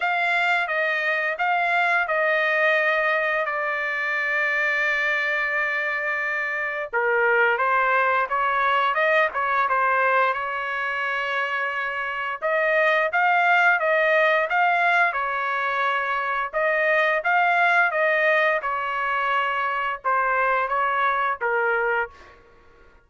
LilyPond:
\new Staff \with { instrumentName = "trumpet" } { \time 4/4 \tempo 4 = 87 f''4 dis''4 f''4 dis''4~ | dis''4 d''2.~ | d''2 ais'4 c''4 | cis''4 dis''8 cis''8 c''4 cis''4~ |
cis''2 dis''4 f''4 | dis''4 f''4 cis''2 | dis''4 f''4 dis''4 cis''4~ | cis''4 c''4 cis''4 ais'4 | }